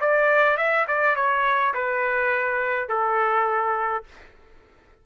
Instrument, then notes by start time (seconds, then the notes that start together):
trumpet
0.00 D5
0.57 E5
0.87 D5
1.15 C#5
1.74 B4
2.88 A4